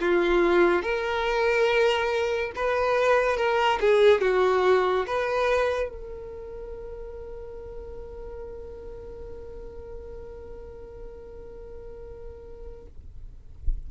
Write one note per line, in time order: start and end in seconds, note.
0.00 0.82 F4
0.82 2.51 A#4
2.55 3.36 B4
3.36 3.79 A#4
3.80 4.21 G#4
4.21 5.06 F#4
5.07 5.89 B4
5.89 12.86 A#4